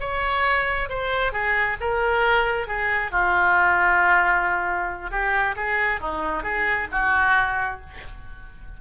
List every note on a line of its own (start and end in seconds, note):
0.00 0.89 C#5
0.89 1.32 C5
1.32 1.77 G#4
1.81 2.67 A#4
2.67 3.11 G#4
3.11 5.11 F4
5.11 5.55 G4
5.56 6.00 G#4
6.00 6.43 D#4
6.43 6.87 G#4
6.92 7.81 F#4